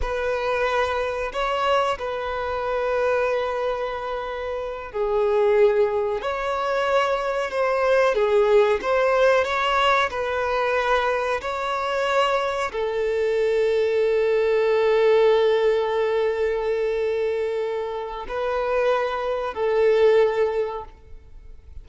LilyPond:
\new Staff \with { instrumentName = "violin" } { \time 4/4 \tempo 4 = 92 b'2 cis''4 b'4~ | b'2.~ b'8 gis'8~ | gis'4. cis''2 c''8~ | c''8 gis'4 c''4 cis''4 b'8~ |
b'4. cis''2 a'8~ | a'1~ | a'1 | b'2 a'2 | }